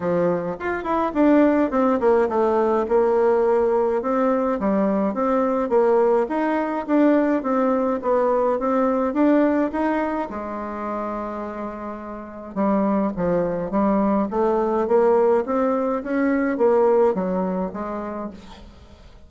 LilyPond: \new Staff \with { instrumentName = "bassoon" } { \time 4/4 \tempo 4 = 105 f4 f'8 e'8 d'4 c'8 ais8 | a4 ais2 c'4 | g4 c'4 ais4 dis'4 | d'4 c'4 b4 c'4 |
d'4 dis'4 gis2~ | gis2 g4 f4 | g4 a4 ais4 c'4 | cis'4 ais4 fis4 gis4 | }